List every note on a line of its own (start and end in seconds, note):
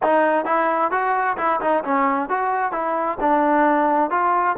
0.02 0.45 D#4
0.45 0.91 E4
0.91 1.36 F#4
1.37 1.60 E4
1.60 1.83 D#4
1.84 2.29 C#4
2.29 2.72 F#4
2.72 3.17 E4
3.20 4.10 D4
4.10 4.56 F4